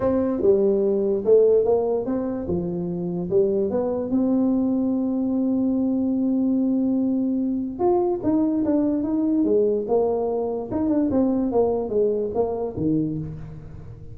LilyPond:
\new Staff \with { instrumentName = "tuba" } { \time 4/4 \tempo 4 = 146 c'4 g2 a4 | ais4 c'4 f2 | g4 b4 c'2~ | c'1~ |
c'2. f'4 | dis'4 d'4 dis'4 gis4 | ais2 dis'8 d'8 c'4 | ais4 gis4 ais4 dis4 | }